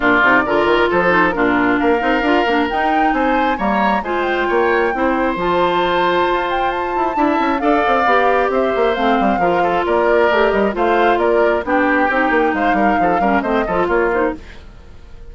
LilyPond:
<<
  \new Staff \with { instrumentName = "flute" } { \time 4/4 \tempo 4 = 134 d''2 c''4 ais'4 | f''2 g''4 gis''4 | ais''4 gis''8 g''2~ g''8 | a''2~ a''8 g''8 a''4~ |
a''4 f''2 e''4 | f''2 d''4. dis''8 | f''4 d''4 g''2 | f''2 dis''4 cis''8 c''8 | }
  \new Staff \with { instrumentName = "oboe" } { \time 4/4 f'4 ais'4 a'4 f'4 | ais'2. c''4 | cis''4 c''4 cis''4 c''4~ | c''1 |
e''4 d''2 c''4~ | c''4 ais'8 a'8 ais'2 | c''4 ais'4 g'2 | c''8 ais'8 a'8 ais'8 c''8 a'8 f'4 | }
  \new Staff \with { instrumentName = "clarinet" } { \time 4/4 d'8 dis'8 f'4. dis'8 d'4~ | d'8 dis'8 f'8 d'8 dis'2 | ais4 f'2 e'4 | f'1 |
e'4 a'4 g'2 | c'4 f'2 g'4 | f'2 d'4 dis'4~ | dis'4. cis'8 c'8 f'4 dis'8 | }
  \new Staff \with { instrumentName = "bassoon" } { \time 4/4 ais,8 c8 d8 dis8 f4 ais,4 | ais8 c'8 d'8 ais8 dis'4 c'4 | g4 gis4 ais4 c'4 | f2 f'4. e'8 |
d'8 cis'8 d'8 c'8 b4 c'8 ais8 | a8 g8 f4 ais4 a8 g8 | a4 ais4 b4 c'8 ais8 | gis8 g8 f8 g8 a8 f8 ais4 | }
>>